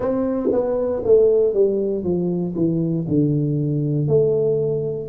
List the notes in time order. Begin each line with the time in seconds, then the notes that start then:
0.00 C4
0.52 B3
1.04 A3
1.53 G3
2.03 F3
2.55 E3
3.07 D3
4.07 A3